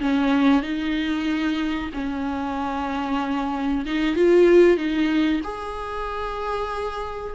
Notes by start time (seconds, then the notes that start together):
0.00 C#4
0.63 D#4
1.94 C#4
3.86 D#4
4.16 F4
4.77 D#4
5.44 G#4